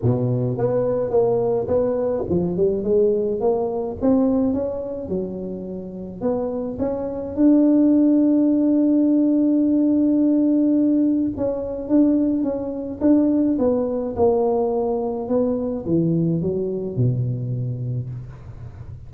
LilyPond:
\new Staff \with { instrumentName = "tuba" } { \time 4/4 \tempo 4 = 106 b,4 b4 ais4 b4 | f8 g8 gis4 ais4 c'4 | cis'4 fis2 b4 | cis'4 d'2.~ |
d'1 | cis'4 d'4 cis'4 d'4 | b4 ais2 b4 | e4 fis4 b,2 | }